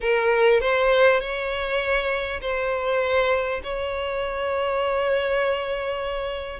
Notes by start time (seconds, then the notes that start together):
0.01 A#4
0.60 C5
1.20 C#5
2.41 C5
3.63 C#5